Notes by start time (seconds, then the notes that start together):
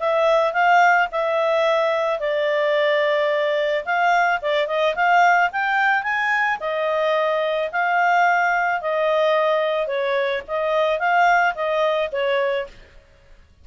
0.00 E5
0.54 F5
1.12 E5
2.20 D5
3.86 F5
4.42 D5
4.68 D#5
4.96 F5
5.52 G5
6.03 G#5
6.61 D#5
7.72 F5
8.81 D#5
9.88 C#5
10.48 D#5
11.00 F5
11.55 D#5
12.13 C#5